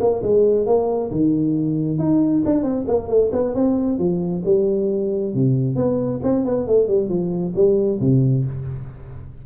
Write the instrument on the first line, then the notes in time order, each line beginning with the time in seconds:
tuba
0.00 A#3
0.23 G#3
0.66 A#3
1.11 D#3
1.98 D#4
2.45 D4
2.63 C4
2.87 A#3
3.08 A3
3.32 B3
3.55 C4
3.99 F3
4.45 G3
5.34 C3
5.76 B3
6.23 C4
6.45 B3
6.67 A3
6.87 G3
7.09 F3
7.55 G3
8.00 C3